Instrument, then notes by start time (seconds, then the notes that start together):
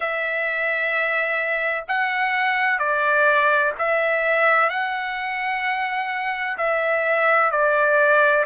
trumpet
0.00 E5
1.87 F#5
2.79 D5
3.78 E5
4.69 F#5
6.57 E5
7.51 D5